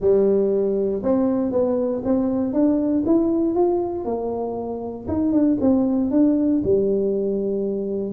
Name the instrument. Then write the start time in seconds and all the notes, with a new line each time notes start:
tuba
0.00 G3
1.03 C4
1.51 B3
2.04 C4
2.53 D4
3.05 E4
3.54 F4
4.04 A#3
5.08 D#4
5.32 D4
5.60 C4
6.11 D4
6.64 G3